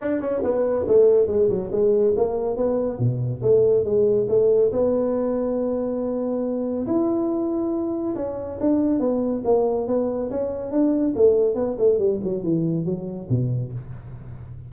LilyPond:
\new Staff \with { instrumentName = "tuba" } { \time 4/4 \tempo 4 = 140 d'8 cis'8 b4 a4 gis8 fis8 | gis4 ais4 b4 b,4 | a4 gis4 a4 b4~ | b1 |
e'2. cis'4 | d'4 b4 ais4 b4 | cis'4 d'4 a4 b8 a8 | g8 fis8 e4 fis4 b,4 | }